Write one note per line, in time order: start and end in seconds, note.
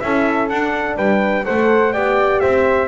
0.00 0.50 C#4
0.00 0.49 E4
0.00 0.96 A4
0.00 0.48 E5
0.49 1.45 D4
0.49 0.96 D4
0.49 0.97 F#5
0.96 1.44 G3
0.96 1.44 B4
0.96 1.45 G5
1.45 1.94 A3
1.45 1.93 A4
1.45 1.93 C5
1.45 1.93 F#5
1.93 2.42 B3
1.93 2.88 G4
1.93 2.41 D5
1.93 2.40 G5
2.40 2.88 C4
2.40 2.88 C5
2.40 2.88 E5